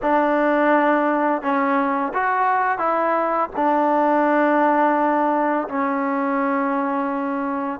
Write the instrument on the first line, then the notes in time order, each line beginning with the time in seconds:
trombone
0.02 D4
1.41 C#4
2.13 F#4
2.78 E4
3.56 D4
5.68 C#4